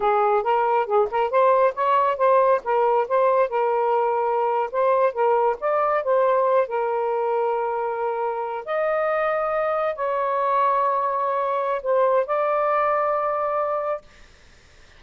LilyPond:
\new Staff \with { instrumentName = "saxophone" } { \time 4/4 \tempo 4 = 137 gis'4 ais'4 gis'8 ais'8 c''4 | cis''4 c''4 ais'4 c''4 | ais'2~ ais'8. c''4 ais'16~ | ais'8. d''4 c''4. ais'8.~ |
ais'2.~ ais'8. dis''16~ | dis''2~ dis''8. cis''4~ cis''16~ | cis''2. c''4 | d''1 | }